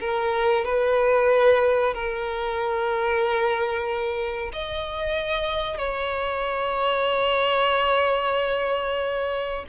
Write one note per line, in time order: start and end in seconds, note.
0.00 0.65 A#4
0.65 1.94 B4
1.94 4.52 A#4
4.52 5.78 D#5
5.78 9.65 C#5